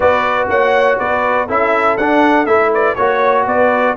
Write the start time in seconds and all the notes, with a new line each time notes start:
0.00 B3 F#4 B4 D5
0.48 A#3 C#5 F#5
0.98 B3 B4 D5
1.46 C#4 E4 A4 E5
1.97 D4 F#5
2.46 A3 E4 E5
2.73 B4 D5
2.95 A#3 F#4 C#5
3.46 B3 B4 D5